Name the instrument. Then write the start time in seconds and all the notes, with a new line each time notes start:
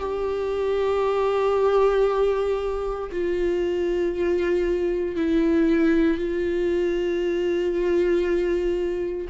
viola
0.00 G4
3.12 F4
5.17 E4
6.18 F4